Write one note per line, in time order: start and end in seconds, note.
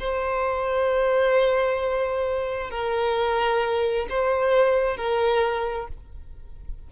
0.00 2.71 C5
2.71 4.07 A#4
4.10 4.97 C5
4.97 5.88 A#4